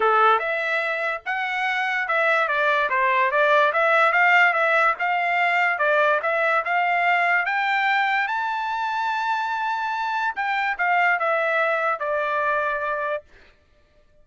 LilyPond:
\new Staff \with { instrumentName = "trumpet" } { \time 4/4 \tempo 4 = 145 a'4 e''2 fis''4~ | fis''4 e''4 d''4 c''4 | d''4 e''4 f''4 e''4 | f''2 d''4 e''4 |
f''2 g''2 | a''1~ | a''4 g''4 f''4 e''4~ | e''4 d''2. | }